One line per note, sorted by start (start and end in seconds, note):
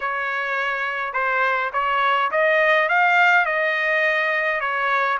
0.00 1.13 C#5
1.13 1.70 C5
1.73 2.30 C#5
2.31 2.88 D#5
2.88 3.45 F5
3.45 4.60 D#5
4.60 5.18 C#5